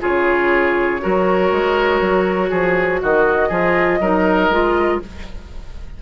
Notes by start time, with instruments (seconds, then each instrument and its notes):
0.00 bassoon C#3, clarinet F4, oboe G#4, flute C#5
1.01 bassoon F#3, clarinet F#4, oboe A#4
1.51 bassoon G#3
2.01 bassoon F#3
2.50 bassoon F3, oboe G#4
3.02 bassoon D#3, oboe F#4, flute D#5
3.49 bassoon F3, clarinet F4, oboe G#4
4.00 bassoon F#3, clarinet D#4, oboe A#4
4.50 bassoon G#3, clarinet F4